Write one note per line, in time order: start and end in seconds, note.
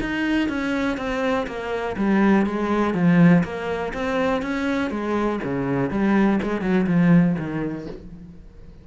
0.00 0.49 D#4
0.49 0.97 C#4
0.97 1.46 C4
1.46 1.96 A#3
1.96 2.45 G3
2.46 2.94 G#3
2.94 3.43 F3
3.43 3.93 A#3
3.93 4.42 C4
4.42 4.90 C#4
4.90 5.39 G#3
5.43 5.90 C#3
5.90 6.39 G3
6.42 6.61 G#3
6.61 6.86 F#3
6.87 7.36 F3
7.38 7.87 D#3